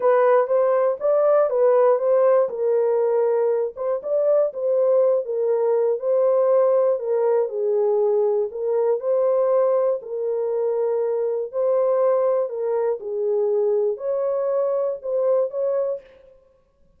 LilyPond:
\new Staff \with { instrumentName = "horn" } { \time 4/4 \tempo 4 = 120 b'4 c''4 d''4 b'4 | c''4 ais'2~ ais'8 c''8 | d''4 c''4. ais'4. | c''2 ais'4 gis'4~ |
gis'4 ais'4 c''2 | ais'2. c''4~ | c''4 ais'4 gis'2 | cis''2 c''4 cis''4 | }